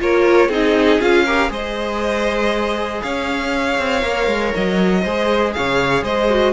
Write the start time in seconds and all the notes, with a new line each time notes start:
0.00 A#3 F4 A#4 C#5
0.48 C4 D#4 G#4 D#5
1.01 C#4 F4 F5
1.26 G4 A#4
1.49 G#3 G#4 C5 D#5
3.02 C#4 C#5 F5
3.79 C4
4.02 A#3 A#4
4.27 G#3
4.55 F#3 D#5
5.02 G#3 G#4 C5
5.54 C#3 C#5 F5
6.03 G#3 C5 D#5
6.30 F#4